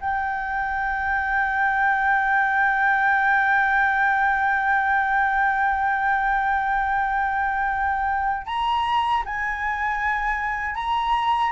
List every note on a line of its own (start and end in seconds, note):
0.00 8.46 G5
8.46 9.23 A#5
9.25 10.74 G#5
10.74 11.51 A#5